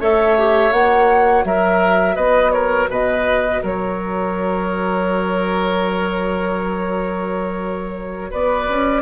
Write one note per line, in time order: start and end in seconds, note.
0.00 0.72 A3
0.00 0.36 A4
0.00 1.45 C#5
0.00 0.72 E5
0.38 0.71 G4
0.71 1.44 A#3
0.71 9.02 F#4
0.71 1.45 F#5
1.44 2.16 F#3
1.44 2.15 A#4
1.44 2.16 E5
2.15 2.88 B3
2.15 2.52 B4
2.15 2.52 D#5
2.52 2.90 A#4
2.52 2.88 C#5
2.89 3.62 B2
2.89 3.62 B4
2.89 3.64 D#5
3.62 8.33 F#3
3.62 8.31 A#4
3.62 8.33 C#5
8.31 8.69 B3
8.31 9.02 B4
8.31 9.02 D5
8.69 9.02 C#4